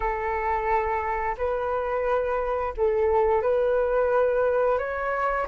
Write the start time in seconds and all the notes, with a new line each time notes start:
0.00 A4
1.37 B4
2.76 A4
3.42 B4
4.78 C#5